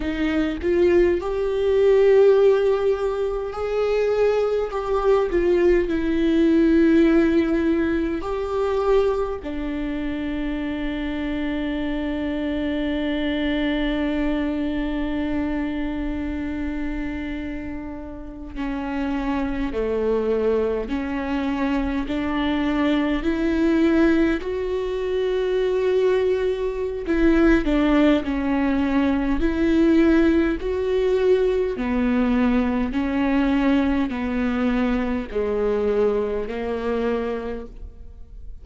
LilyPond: \new Staff \with { instrumentName = "viola" } { \time 4/4 \tempo 4 = 51 dis'8 f'8 g'2 gis'4 | g'8 f'8 e'2 g'4 | d'1~ | d'2.~ d'8. cis'16~ |
cis'8. a4 cis'4 d'4 e'16~ | e'8. fis'2~ fis'16 e'8 d'8 | cis'4 e'4 fis'4 b4 | cis'4 b4 gis4 ais4 | }